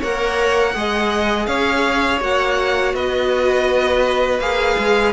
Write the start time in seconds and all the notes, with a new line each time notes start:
0.00 A#3 A#4 C#5 F#5
0.74 G#3 G#4 D#5
1.46 C#4 C#5 F5
2.21 A#3 F#4 F#5
2.94 B3 B4 D#5
4.39 A#3 G#4 F5
4.79 G#3